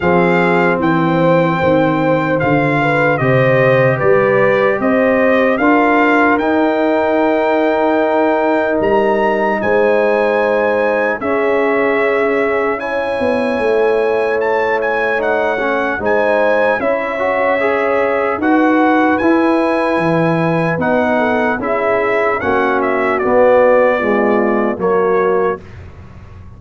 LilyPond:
<<
  \new Staff \with { instrumentName = "trumpet" } { \time 4/4 \tempo 4 = 75 f''4 g''2 f''4 | dis''4 d''4 dis''4 f''4 | g''2. ais''4 | gis''2 e''2 |
gis''2 a''8 gis''8 fis''4 | gis''4 e''2 fis''4 | gis''2 fis''4 e''4 | fis''8 e''8 d''2 cis''4 | }
  \new Staff \with { instrumentName = "horn" } { \time 4/4 gis'4 c''2~ c''8 b'8 | c''4 b'4 c''4 ais'4~ | ais'1 | c''2 gis'2 |
cis''1 | c''4 cis''2 b'4~ | b'2~ b'8 a'8 gis'4 | fis'2 f'4 fis'4 | }
  \new Staff \with { instrumentName = "trombone" } { \time 4/4 c'2. f'4 | g'2. f'4 | dis'1~ | dis'2 cis'2 |
e'2. dis'8 cis'8 | dis'4 e'8 fis'8 gis'4 fis'4 | e'2 dis'4 e'4 | cis'4 b4 gis4 ais4 | }
  \new Staff \with { instrumentName = "tuba" } { \time 4/4 f4 e4 dis4 d4 | c4 g4 c'4 d'4 | dis'2. g4 | gis2 cis'2~ |
cis'8 b8 a2. | gis4 cis'2 dis'4 | e'4 e4 b4 cis'4 | ais4 b2 fis4 | }
>>